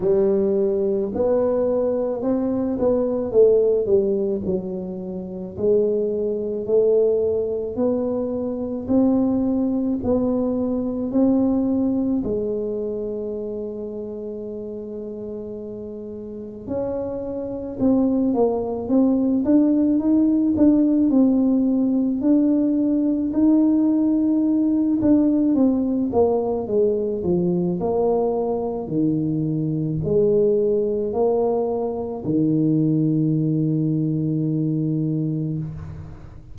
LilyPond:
\new Staff \with { instrumentName = "tuba" } { \time 4/4 \tempo 4 = 54 g4 b4 c'8 b8 a8 g8 | fis4 gis4 a4 b4 | c'4 b4 c'4 gis4~ | gis2. cis'4 |
c'8 ais8 c'8 d'8 dis'8 d'8 c'4 | d'4 dis'4. d'8 c'8 ais8 | gis8 f8 ais4 dis4 gis4 | ais4 dis2. | }